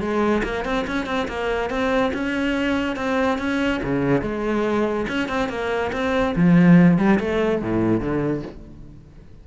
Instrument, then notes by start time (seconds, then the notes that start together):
cello
0.00 G#3
0.43 A#3
0.64 C4
0.87 C#4
1.06 C4
1.28 A#3
1.70 C4
2.13 C#4
2.96 C4
3.38 C#4
3.83 C#3
4.22 G#3
5.08 C#4
5.28 C4
5.49 A#3
5.92 C4
6.36 F3
6.98 G3
7.19 A3
7.62 A2
8.00 D3